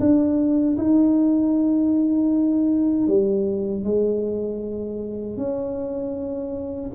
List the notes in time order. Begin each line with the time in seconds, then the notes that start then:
0.00 D4
0.78 D#4
3.07 G3
3.84 G#3
5.37 C#4